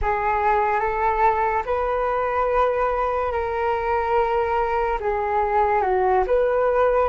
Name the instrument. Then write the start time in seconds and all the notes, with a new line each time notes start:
flute
0.02 G#4
0.80 A4
1.65 B4
3.32 A#4
5.00 G#4
5.82 F#4
6.26 B4